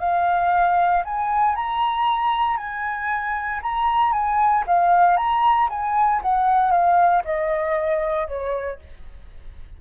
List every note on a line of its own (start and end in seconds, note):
0.00 1.03 F5
1.05 1.56 G#5
1.56 2.58 A#5
2.58 3.61 G#5
3.63 4.13 A#5
4.13 4.65 G#5
4.67 5.17 F5
5.17 5.69 A#5
5.70 6.22 G#5
6.22 6.71 F#5
6.71 7.23 F5
7.25 8.28 D#5
8.28 8.80 C#5